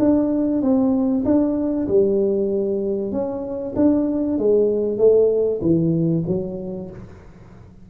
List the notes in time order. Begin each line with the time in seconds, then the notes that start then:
0.00 D4
0.62 C4
1.25 D4
1.88 G3
3.12 C#4
3.76 D4
4.39 G#3
4.98 A3
5.62 E3
6.28 F#3